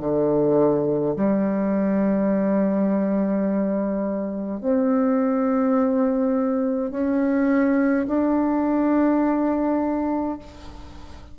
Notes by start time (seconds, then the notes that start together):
0.00 D3
1.16 G3
4.60 C4
6.90 C#4
8.07 D4